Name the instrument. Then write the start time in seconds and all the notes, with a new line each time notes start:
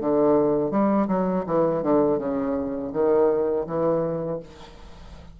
bassoon
0.00 D3
0.71 G3
1.07 F#3
1.46 E3
1.82 D3
2.18 C#3
2.93 D#3
3.66 E3